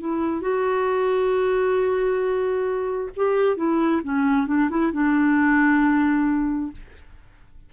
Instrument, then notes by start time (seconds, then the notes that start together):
clarinet
0.00 E4
0.42 F#4
3.16 G4
3.57 E4
4.04 C#4
4.47 D4
4.70 E4
4.93 D4